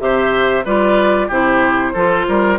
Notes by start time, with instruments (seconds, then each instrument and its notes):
0.00 bassoon C3, clarinet G4, oboe C5, flute E5
0.65 bassoon G3, clarinet F4, oboe B4, flute D5
1.28 bassoon C3, clarinet E4, oboe G4, flute C5
1.94 bassoon F3, clarinet F4, oboe A4
2.28 bassoon G3, oboe A#4